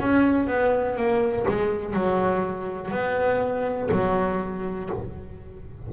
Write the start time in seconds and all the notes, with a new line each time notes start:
0.00 C#4
0.47 B3
0.97 A#3
1.48 G#3
1.94 F#3
2.92 B3
3.92 F#3